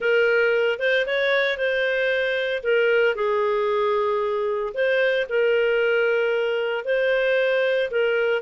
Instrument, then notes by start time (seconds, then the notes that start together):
clarinet
0.00 A#4
0.79 C5
1.06 C#5
1.57 C5
2.63 A#4
3.15 G#4
4.74 C5
5.29 A#4
6.84 C5
7.91 A#4